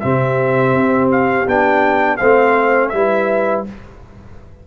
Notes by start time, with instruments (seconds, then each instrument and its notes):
0.00 tuba C3, trombone C4, horn G4, trumpet E5
0.73 tuba C4
1.12 trumpet F5
1.47 tuba B3, trombone D4, trumpet G5
2.17 tuba A3, trombone C4, horn C5, trumpet F5
2.89 tuba G3, trombone E4, trumpet E5
2.95 horn B4